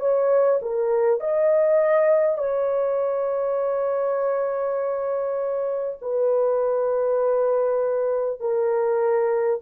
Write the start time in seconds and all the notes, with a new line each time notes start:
0.00 C#5
0.62 A#4
1.21 D#5
2.38 C#5
6.02 B4
8.41 A#4